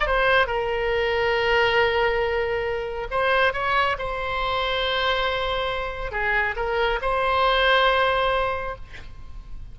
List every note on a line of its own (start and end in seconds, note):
0.00 0.06 D5
0.06 0.47 C5
0.47 3.08 A#4
3.11 3.53 C5
3.53 3.97 C#5
3.98 6.12 C5
6.12 6.55 G#4
6.56 7.00 A#4
7.02 8.76 C5